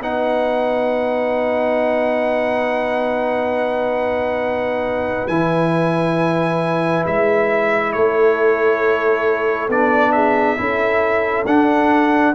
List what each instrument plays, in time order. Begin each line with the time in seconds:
0.00 tuba B3, trombone D#4, horn B4, trumpet F#5
5.28 tuba E3, trombone E4, trumpet G#5
7.07 tuba G#3, trumpet E5
7.93 tuba A3, horn A4, trumpet C#5
9.69 tuba B3, trombone D4, trumpet D5
10.13 horn G#4, trumpet E5
10.57 tuba C#4, trombone E4, horn A4
11.47 tuba D4, trombone D4, trumpet F#5